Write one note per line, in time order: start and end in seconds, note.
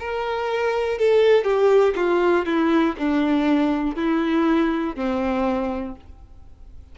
0.00 0.99 A#4
0.99 1.45 A4
1.45 1.95 G4
1.96 2.46 F4
2.46 2.96 E4
2.98 3.96 D4
3.96 4.96 E4
4.96 5.96 C4